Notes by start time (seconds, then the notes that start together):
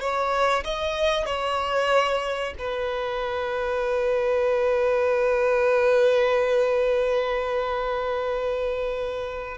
0.00 C#5
0.64 D#5
1.26 C#5
2.58 B4